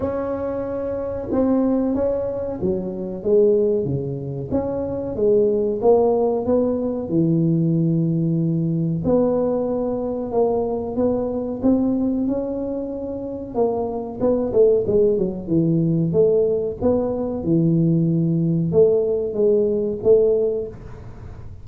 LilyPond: \new Staff \with { instrumentName = "tuba" } { \time 4/4 \tempo 4 = 93 cis'2 c'4 cis'4 | fis4 gis4 cis4 cis'4 | gis4 ais4 b4 e4~ | e2 b2 |
ais4 b4 c'4 cis'4~ | cis'4 ais4 b8 a8 gis8 fis8 | e4 a4 b4 e4~ | e4 a4 gis4 a4 | }